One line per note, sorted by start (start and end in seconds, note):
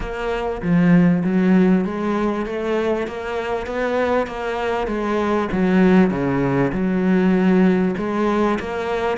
0.00 0.61 A#3
0.62 1.23 F3
1.24 1.85 F#3
1.85 2.45 G#3
2.45 3.07 A3
3.07 3.66 A#3
3.66 4.27 B3
4.27 4.87 A#3
4.87 5.48 G#3
5.52 6.10 F#3
6.10 6.71 C#3
6.72 7.94 F#3
7.97 8.59 G#3
8.59 9.17 A#3